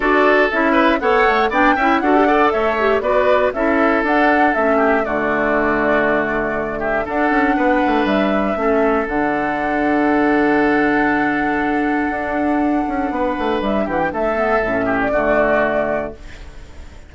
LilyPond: <<
  \new Staff \with { instrumentName = "flute" } { \time 4/4 \tempo 4 = 119 d''4 e''4 fis''4 g''4 | fis''4 e''4 d''4 e''4 | fis''4 e''4 d''2~ | d''4. e''8 fis''2 |
e''2 fis''2~ | fis''1~ | fis''2. e''8 fis''16 g''16 | e''4.~ e''16 d''2~ d''16 | }
  \new Staff \with { instrumentName = "oboe" } { \time 4/4 a'4. b'8 cis''4 d''8 e''8 | a'8 d''8 cis''4 b'4 a'4~ | a'4. g'8 fis'2~ | fis'4. g'8 a'4 b'4~ |
b'4 a'2.~ | a'1~ | a'2 b'4. g'8 | a'4. g'8 fis'2 | }
  \new Staff \with { instrumentName = "clarinet" } { \time 4/4 fis'4 e'4 a'4 d'8 e'8 | fis'16 g'16 a'4 g'8 fis'4 e'4 | d'4 cis'4 a2~ | a2 d'2~ |
d'4 cis'4 d'2~ | d'1~ | d'1~ | d'8 b8 cis'4 a2 | }
  \new Staff \with { instrumentName = "bassoon" } { \time 4/4 d'4 cis'4 b8 a8 b8 cis'8 | d'4 a4 b4 cis'4 | d'4 a4 d2~ | d2 d'8 cis'8 b8 a8 |
g4 a4 d2~ | d1 | d'4. cis'8 b8 a8 g8 e8 | a4 a,4 d2 | }
>>